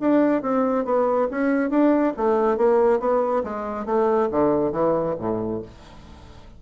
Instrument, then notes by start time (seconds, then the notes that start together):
bassoon
0.00 D4
0.42 C4
0.84 B3
1.31 C#4
1.70 D4
2.16 A3
2.57 A#3
2.99 B3
3.43 G#3
3.85 A3
4.31 D3
4.72 E3
5.18 A2